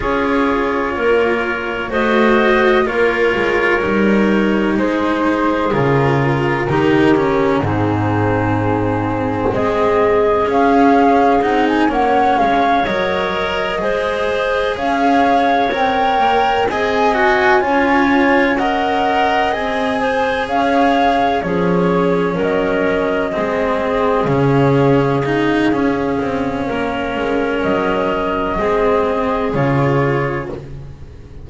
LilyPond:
<<
  \new Staff \with { instrumentName = "flute" } { \time 4/4 \tempo 4 = 63 cis''2 dis''4 cis''4~ | cis''4 c''4 ais'2 | gis'2 dis''4 f''4 | fis''16 gis''16 fis''8 f''8 dis''2 f''8~ |
f''8 g''4 gis''2 fis''8~ | fis''8 gis''4 f''4 cis''4 dis''8~ | dis''4. f''2~ f''8~ | f''4 dis''2 cis''4 | }
  \new Staff \with { instrumentName = "clarinet" } { \time 4/4 gis'4 ais'4 c''4 ais'4~ | ais'4 gis'2 g'4 | dis'2 gis'2~ | gis'8 cis''2 c''4 cis''8~ |
cis''4. dis''4 cis''4 dis''8~ | dis''4 c''8 cis''4 gis'4 ais'8~ | ais'8 gis'2.~ gis'8 | ais'2 gis'2 | }
  \new Staff \with { instrumentName = "cello" } { \time 4/4 f'2 fis'4 f'4 | dis'2 f'4 dis'8 cis'8 | c'2. cis'4 | dis'8 cis'4 ais'4 gis'4.~ |
gis'8 ais'4 gis'8 fis'8 f'4 ais'8~ | ais'8 gis'2 cis'4.~ | cis'8 c'4 cis'4 dis'8 cis'4~ | cis'2 c'4 f'4 | }
  \new Staff \with { instrumentName = "double bass" } { \time 4/4 cis'4 ais4 a4 ais8 gis8 | g4 gis4 cis4 dis4 | gis,2 gis4 cis'4 | c'8 ais8 gis8 fis4 gis4 cis'8~ |
cis'8 c'8 ais8 c'4 cis'4.~ | cis'8 c'4 cis'4 f4 fis8~ | fis8 gis4 cis4. cis'8 c'8 | ais8 gis8 fis4 gis4 cis4 | }
>>